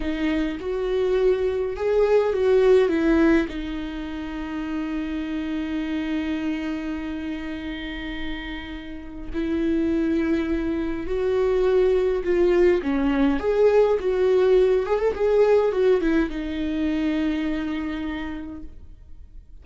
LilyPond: \new Staff \with { instrumentName = "viola" } { \time 4/4 \tempo 4 = 103 dis'4 fis'2 gis'4 | fis'4 e'4 dis'2~ | dis'1~ | dis'1 |
e'2. fis'4~ | fis'4 f'4 cis'4 gis'4 | fis'4. gis'16 a'16 gis'4 fis'8 e'8 | dis'1 | }